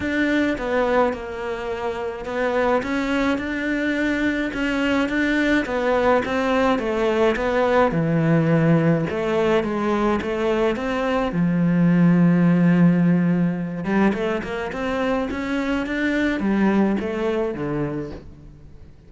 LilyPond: \new Staff \with { instrumentName = "cello" } { \time 4/4 \tempo 4 = 106 d'4 b4 ais2 | b4 cis'4 d'2 | cis'4 d'4 b4 c'4 | a4 b4 e2 |
a4 gis4 a4 c'4 | f1~ | f8 g8 a8 ais8 c'4 cis'4 | d'4 g4 a4 d4 | }